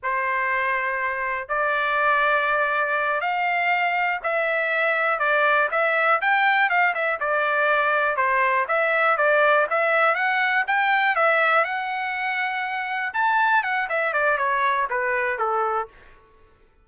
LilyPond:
\new Staff \with { instrumentName = "trumpet" } { \time 4/4 \tempo 4 = 121 c''2. d''4~ | d''2~ d''8 f''4.~ | f''8 e''2 d''4 e''8~ | e''8 g''4 f''8 e''8 d''4.~ |
d''8 c''4 e''4 d''4 e''8~ | e''8 fis''4 g''4 e''4 fis''8~ | fis''2~ fis''8 a''4 fis''8 | e''8 d''8 cis''4 b'4 a'4 | }